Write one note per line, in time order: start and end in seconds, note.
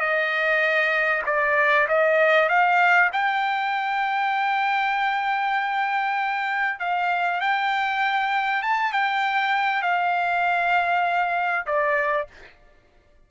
0.00 1.22 D#5
1.26 1.88 D5
1.88 2.49 D#5
2.49 3.10 F5
3.13 6.79 G5
6.79 7.41 F5
7.41 8.62 G5
8.62 8.92 A5
8.92 9.82 G5
9.82 11.66 F5
11.66 12.28 D5